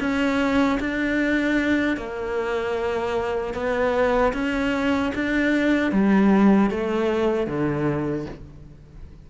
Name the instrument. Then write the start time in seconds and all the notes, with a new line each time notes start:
cello
0.00 C#4
0.80 D4
1.97 A#3
3.54 B3
4.33 C#4
5.15 D4
5.92 G3
6.71 A3
7.47 D3